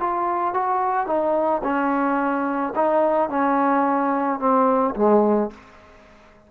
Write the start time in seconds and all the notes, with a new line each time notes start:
0.00 F4
0.54 F#4
1.07 D#4
1.64 C#4
2.76 D#4
3.30 C#4
4.40 C4
4.96 G#3